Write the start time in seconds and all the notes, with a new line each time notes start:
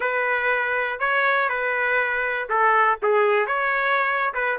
0.00 B4
0.99 C#5
1.49 B4
2.49 A4
3.02 G#4
3.46 C#5
4.33 B4